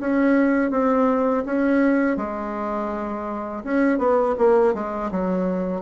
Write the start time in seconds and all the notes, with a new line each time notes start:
0.00 C#4
0.71 C4
1.46 C#4
2.17 G#3
3.64 C#4
3.98 B3
4.38 A#3
4.74 G#3
5.11 F#3